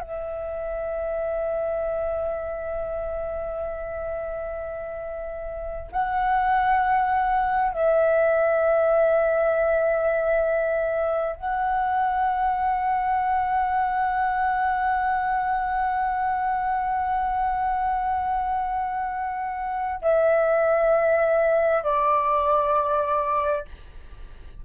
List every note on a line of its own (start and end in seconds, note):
0.00 5.91 E5
5.92 7.72 F#5
7.72 11.36 E5
11.36 20.00 F#5
20.01 21.83 E5
21.83 23.65 D5